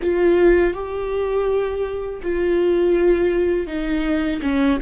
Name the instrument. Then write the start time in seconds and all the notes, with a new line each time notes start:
viola
0.02 F4
0.73 G4
2.22 F4
3.67 D#4
4.41 C#4